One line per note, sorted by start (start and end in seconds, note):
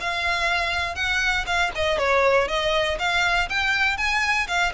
0.00 0.95 F5
0.95 1.45 F#5
1.46 1.71 F5
1.75 1.98 D#5
1.98 2.48 C#5
2.48 2.98 D#5
2.99 3.49 F5
3.49 3.97 G5
3.97 4.47 G#5
4.47 4.72 F5